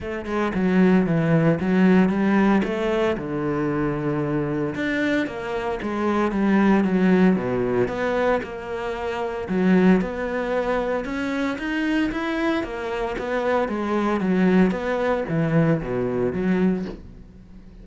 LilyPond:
\new Staff \with { instrumentName = "cello" } { \time 4/4 \tempo 4 = 114 a8 gis8 fis4 e4 fis4 | g4 a4 d2~ | d4 d'4 ais4 gis4 | g4 fis4 b,4 b4 |
ais2 fis4 b4~ | b4 cis'4 dis'4 e'4 | ais4 b4 gis4 fis4 | b4 e4 b,4 fis4 | }